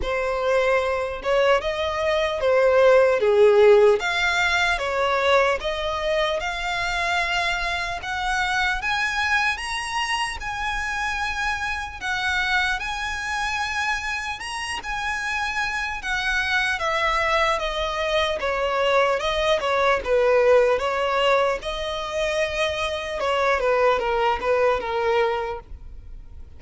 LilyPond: \new Staff \with { instrumentName = "violin" } { \time 4/4 \tempo 4 = 75 c''4. cis''8 dis''4 c''4 | gis'4 f''4 cis''4 dis''4 | f''2 fis''4 gis''4 | ais''4 gis''2 fis''4 |
gis''2 ais''8 gis''4. | fis''4 e''4 dis''4 cis''4 | dis''8 cis''8 b'4 cis''4 dis''4~ | dis''4 cis''8 b'8 ais'8 b'8 ais'4 | }